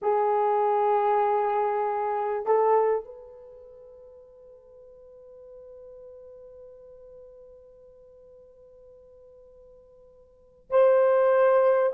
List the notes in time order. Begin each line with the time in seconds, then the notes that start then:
0.02 G#4
2.46 A4
3.04 B4
10.70 C5